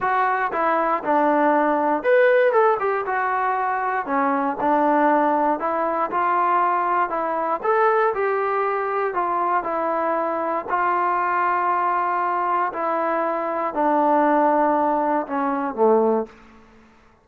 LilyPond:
\new Staff \with { instrumentName = "trombone" } { \time 4/4 \tempo 4 = 118 fis'4 e'4 d'2 | b'4 a'8 g'8 fis'2 | cis'4 d'2 e'4 | f'2 e'4 a'4 |
g'2 f'4 e'4~ | e'4 f'2.~ | f'4 e'2 d'4~ | d'2 cis'4 a4 | }